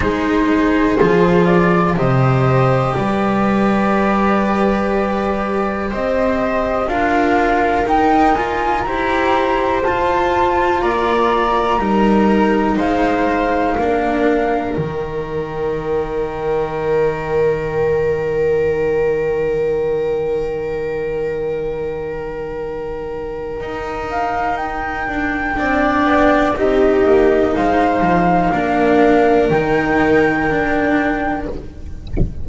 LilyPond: <<
  \new Staff \with { instrumentName = "flute" } { \time 4/4 \tempo 4 = 61 c''4. d''8 dis''4 d''4~ | d''2 dis''4 f''4 | g''8 gis''8 ais''4 a''4 ais''4~ | ais''4 f''2 g''4~ |
g''1~ | g''1~ | g''8 f''8 g''2 dis''4 | f''2 g''2 | }
  \new Staff \with { instrumentName = "viola" } { \time 4/4 gis'2 c''4 b'4~ | b'2 c''4 ais'4~ | ais'4 c''2 d''4 | ais'4 c''4 ais'2~ |
ais'1~ | ais'1~ | ais'2 d''4 g'4 | c''4 ais'2. | }
  \new Staff \with { instrumentName = "cello" } { \time 4/4 dis'4 f'4 g'2~ | g'2. f'4 | dis'8 f'8 g'4 f'2 | dis'2 d'4 dis'4~ |
dis'1~ | dis'1~ | dis'2 d'4 dis'4~ | dis'4 d'4 dis'4 d'4 | }
  \new Staff \with { instrumentName = "double bass" } { \time 4/4 gis4 f4 c4 g4~ | g2 c'4 d'4 | dis'4 e'4 f'4 ais4 | g4 gis4 ais4 dis4~ |
dis1~ | dis1 | dis'4. d'8 c'8 b8 c'8 ais8 | gis8 f8 ais4 dis2 | }
>>